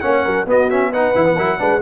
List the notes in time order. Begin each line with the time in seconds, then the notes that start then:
0.00 A#3 C#4 C#5 F#5
0.25 F#3 A#4
0.45 B3 F#4 D#5
0.70 C#4 E5
0.91 D#4 B4 F#5
1.15 E3 E4
1.25 B3
1.35 F#3 E4 A#4
1.59 G#3 D4 B4